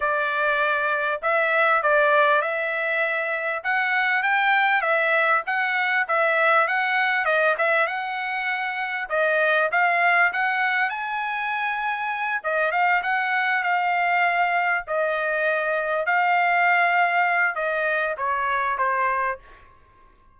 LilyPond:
\new Staff \with { instrumentName = "trumpet" } { \time 4/4 \tempo 4 = 99 d''2 e''4 d''4 | e''2 fis''4 g''4 | e''4 fis''4 e''4 fis''4 | dis''8 e''8 fis''2 dis''4 |
f''4 fis''4 gis''2~ | gis''8 dis''8 f''8 fis''4 f''4.~ | f''8 dis''2 f''4.~ | f''4 dis''4 cis''4 c''4 | }